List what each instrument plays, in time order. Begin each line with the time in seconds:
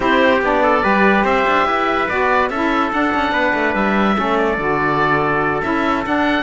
0.00 cello C4, saxophone E4, trumpet G4, oboe C5
0.41 cello B3, saxophone D4, oboe D5
0.62 trumpet A4
0.82 cello G3, saxophone G4, trumpet B4
1.24 cello C4, trumpet C5, oboe E5
1.47 cello D4
1.65 cello E4, trumpet B4
2.08 cello B3, saxophone F#4, oboe D5
2.49 cello C#4, saxophone E4, trumpet A4, oboe E5
2.92 saxophone D4, cello D4, oboe F#5
3.14 cello C#4
3.31 cello B3, trumpet B4
3.53 cello A3
3.75 cello G3, oboe E5
4.15 cello A3, saxophone C#4, trumpet A4
4.38 oboe D5
4.57 cello D3, saxophone F#4
5.62 cello C#4, saxophone E4, oboe E5
6.05 saxophone D4, cello D4, oboe F#5